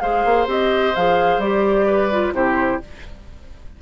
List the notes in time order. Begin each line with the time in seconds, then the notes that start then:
0.00 G#3 G#4 C5 F5
0.25 A#3
0.47 C4 G4 D#5
0.96 F3 G#4 F5
1.38 G3 G4 D5
1.87 B4
2.12 F4
2.33 C3 E4 G4 C5